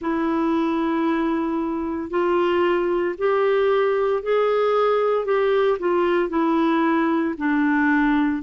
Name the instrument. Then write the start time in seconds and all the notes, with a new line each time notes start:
clarinet
0.00 E4
2.10 F4
3.18 G4
4.22 G#4
5.25 G4
5.79 F4
6.29 E4
7.37 D4